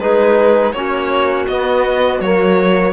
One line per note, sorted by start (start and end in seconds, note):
0.00 0.74 G#3
0.00 0.75 D#4
0.00 0.73 G#4
0.00 0.73 B4
0.73 1.47 A#3
0.73 1.49 C#4
0.73 2.93 F#4
0.73 1.46 C#5
1.47 2.20 B3
1.47 2.22 B3
1.47 2.21 D#5
2.20 2.93 F#3
2.20 2.93 A#3
2.20 2.93 C#5